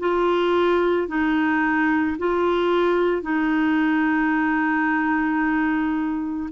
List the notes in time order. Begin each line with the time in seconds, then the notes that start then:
0.00 F4
1.08 D#4
2.19 F4
3.23 D#4